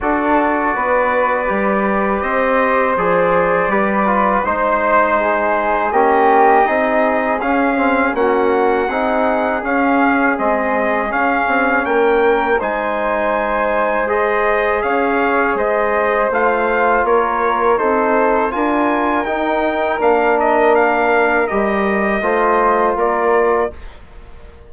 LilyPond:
<<
  \new Staff \with { instrumentName = "trumpet" } { \time 4/4 \tempo 4 = 81 d''2. dis''4 | d''2 c''2 | dis''2 f''4 fis''4~ | fis''4 f''4 dis''4 f''4 |
g''4 gis''2 dis''4 | f''4 dis''4 f''4 cis''4 | c''4 gis''4 g''4 f''8 dis''8 | f''4 dis''2 d''4 | }
  \new Staff \with { instrumentName = "flute" } { \time 4/4 a'4 b'2 c''4~ | c''4 b'4 c''4 gis'4 | g'4 gis'2 fis'4 | gis'1 |
ais'4 c''2. | cis''4 c''2 ais'4 | a'4 ais'2.~ | ais'2 c''4 ais'4 | }
  \new Staff \with { instrumentName = "trombone" } { \time 4/4 fis'2 g'2 | gis'4 g'8 f'8 dis'2 | cis'4 dis'4 cis'8 c'8 cis'4 | dis'4 cis'4 c'4 cis'4~ |
cis'4 dis'2 gis'4~ | gis'2 f'2 | dis'4 f'4 dis'4 d'4~ | d'4 g'4 f'2 | }
  \new Staff \with { instrumentName = "bassoon" } { \time 4/4 d'4 b4 g4 c'4 | f4 g4 gis2 | ais4 c'4 cis'4 ais4 | c'4 cis'4 gis4 cis'8 c'8 |
ais4 gis2. | cis'4 gis4 a4 ais4 | c'4 d'4 dis'4 ais4~ | ais4 g4 a4 ais4 | }
>>